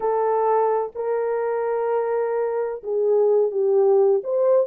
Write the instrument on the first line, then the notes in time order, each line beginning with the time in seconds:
horn
0.00 A4
0.95 A#4
2.83 G#4
3.51 G4
4.23 C5